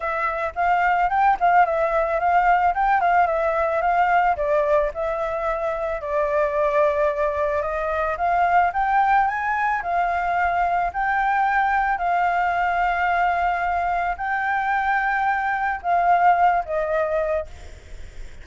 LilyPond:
\new Staff \with { instrumentName = "flute" } { \time 4/4 \tempo 4 = 110 e''4 f''4 g''8 f''8 e''4 | f''4 g''8 f''8 e''4 f''4 | d''4 e''2 d''4~ | d''2 dis''4 f''4 |
g''4 gis''4 f''2 | g''2 f''2~ | f''2 g''2~ | g''4 f''4. dis''4. | }